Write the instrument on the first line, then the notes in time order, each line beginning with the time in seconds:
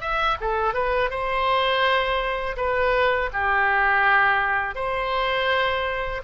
oboe
0.00 E5
0.40 A4
0.74 B4
1.10 C5
2.56 B4
3.33 G4
4.75 C5